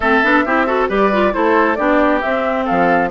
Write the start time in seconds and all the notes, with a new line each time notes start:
0.00 A3 C4 A4 E5
0.23 B3 D4
0.45 C4 E4 G4
0.66 F#4 A4
0.88 G3 G4 B4 D5
1.12 F4
1.32 A3 E4 A4 C5
1.75 B3 D4 G4 D5
2.20 C4 E5
2.64 F3 A4 F5